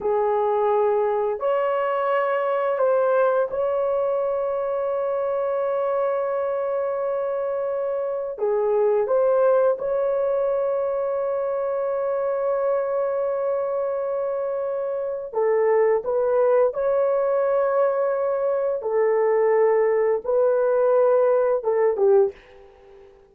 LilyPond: \new Staff \with { instrumentName = "horn" } { \time 4/4 \tempo 4 = 86 gis'2 cis''2 | c''4 cis''2.~ | cis''1 | gis'4 c''4 cis''2~ |
cis''1~ | cis''2 a'4 b'4 | cis''2. a'4~ | a'4 b'2 a'8 g'8 | }